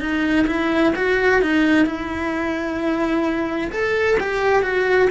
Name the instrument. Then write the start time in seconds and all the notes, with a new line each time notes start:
cello
0.00 D#4
0.47 E4
0.96 F#4
1.42 D#4
1.86 E4
3.72 A4
4.20 G4
4.63 F#4